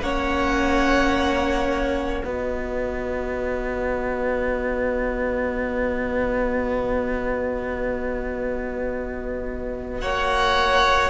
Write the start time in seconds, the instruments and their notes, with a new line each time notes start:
0.00 cello A#3, viola C#4, violin C#5 F#5
2.23 cello B3, viola F#4, violin B4 D#5
10.00 cello A#3, violin C#5 F#5